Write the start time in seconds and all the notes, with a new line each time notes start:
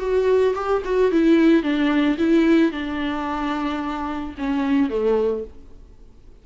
0.00 F#4
0.55 G4
0.85 F#4
1.12 E4
1.63 D4
2.18 E4
2.72 D4
4.38 C#4
4.90 A3